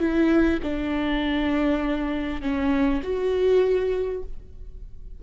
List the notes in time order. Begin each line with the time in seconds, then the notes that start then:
0.00 E4
0.63 D4
2.42 C#4
3.04 F#4